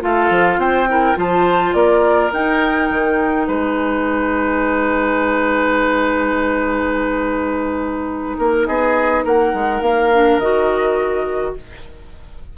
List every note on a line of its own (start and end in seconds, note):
0.00 0.30 A3
0.00 0.87 F4
0.00 0.60 A4
0.00 0.60 F5
0.30 0.58 F3
0.58 1.15 C4
0.58 0.89 C5
0.58 1.18 G5
0.89 1.15 E4
0.89 1.18 A#4
1.15 1.74 F3
1.15 2.31 F4
1.15 1.76 C5
1.15 1.74 A5
1.74 2.32 A#3
1.74 3.47 A#4
1.74 2.31 D5
2.32 2.90 D#4
2.32 10.11 D#4
2.32 3.48 G5
2.91 3.48 D#3
3.47 8.38 G#3
3.47 8.38 B4
3.47 8.66 G#5
8.39 8.68 A#3
8.39 8.68 A#4
8.66 9.25 B3
8.66 9.25 G#4
8.66 9.24 D#5
9.25 9.54 A#3
9.25 11.55 A#4
9.25 9.82 F#5
9.54 9.81 G#3
9.81 10.39 A#3
9.81 10.39 F5
10.13 10.42 D4
10.39 11.54 D#3
10.39 11.58 F#4
10.39 11.55 D#5